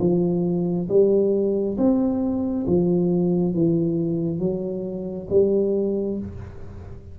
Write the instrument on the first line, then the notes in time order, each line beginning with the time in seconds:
tuba
0.00 F3
0.89 G3
1.78 C4
2.67 F3
3.54 E3
4.39 F#3
5.30 G3